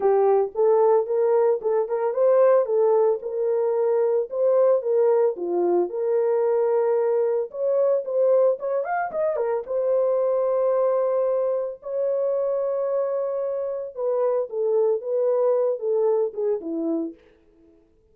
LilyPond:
\new Staff \with { instrumentName = "horn" } { \time 4/4 \tempo 4 = 112 g'4 a'4 ais'4 a'8 ais'8 | c''4 a'4 ais'2 | c''4 ais'4 f'4 ais'4~ | ais'2 cis''4 c''4 |
cis''8 f''8 dis''8 ais'8 c''2~ | c''2 cis''2~ | cis''2 b'4 a'4 | b'4. a'4 gis'8 e'4 | }